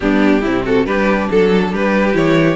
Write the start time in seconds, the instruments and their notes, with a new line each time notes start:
0.00 cello G3, viola B3, violin D4 G4
0.41 cello C3, viola C4, violin E4
0.65 violin F#4 A4
0.86 cello G3, viola D4, violin G4 B4
1.30 cello F#3, violin A4
1.72 cello G3, violin G4 B4
2.13 cello E3, viola E4, violin C#5